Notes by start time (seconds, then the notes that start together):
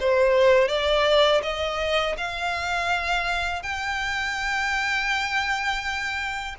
0.00 C5
0.69 D5
1.43 D#5
2.18 F5
3.63 G5